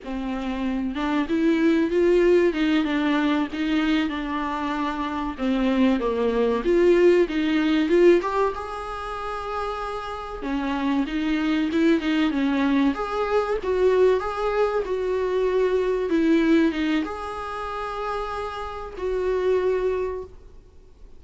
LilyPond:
\new Staff \with { instrumentName = "viola" } { \time 4/4 \tempo 4 = 95 c'4. d'8 e'4 f'4 | dis'8 d'4 dis'4 d'4.~ | d'8 c'4 ais4 f'4 dis'8~ | dis'8 f'8 g'8 gis'2~ gis'8~ |
gis'8 cis'4 dis'4 e'8 dis'8 cis'8~ | cis'8 gis'4 fis'4 gis'4 fis'8~ | fis'4. e'4 dis'8 gis'4~ | gis'2 fis'2 | }